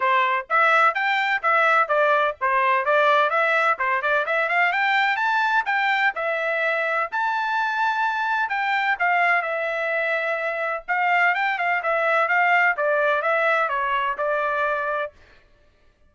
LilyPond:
\new Staff \with { instrumentName = "trumpet" } { \time 4/4 \tempo 4 = 127 c''4 e''4 g''4 e''4 | d''4 c''4 d''4 e''4 | c''8 d''8 e''8 f''8 g''4 a''4 | g''4 e''2 a''4~ |
a''2 g''4 f''4 | e''2. f''4 | g''8 f''8 e''4 f''4 d''4 | e''4 cis''4 d''2 | }